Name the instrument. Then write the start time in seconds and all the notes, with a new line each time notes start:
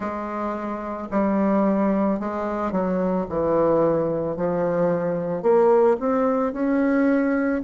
bassoon
0.00 G#3
1.10 G3
2.19 G#3
2.71 F#3
3.29 E3
4.36 F3
5.42 A#3
6.00 C4
6.53 C#4